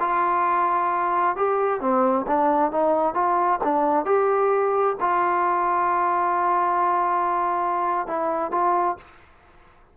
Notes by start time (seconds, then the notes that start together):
0.00 F4
1.36 G4
1.81 C4
2.27 D4
2.72 D#4
3.14 F4
3.64 D4
4.05 G4
5.00 F4
8.07 E4
8.52 F4